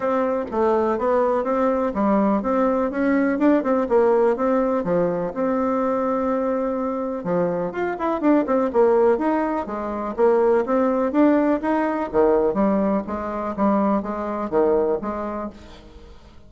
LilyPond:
\new Staff \with { instrumentName = "bassoon" } { \time 4/4 \tempo 4 = 124 c'4 a4 b4 c'4 | g4 c'4 cis'4 d'8 c'8 | ais4 c'4 f4 c'4~ | c'2. f4 |
f'8 e'8 d'8 c'8 ais4 dis'4 | gis4 ais4 c'4 d'4 | dis'4 dis4 g4 gis4 | g4 gis4 dis4 gis4 | }